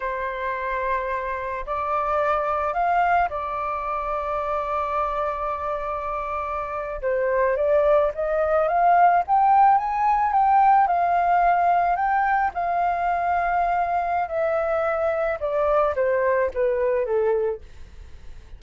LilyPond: \new Staff \with { instrumentName = "flute" } { \time 4/4 \tempo 4 = 109 c''2. d''4~ | d''4 f''4 d''2~ | d''1~ | d''8. c''4 d''4 dis''4 f''16~ |
f''8. g''4 gis''4 g''4 f''16~ | f''4.~ f''16 g''4 f''4~ f''16~ | f''2 e''2 | d''4 c''4 b'4 a'4 | }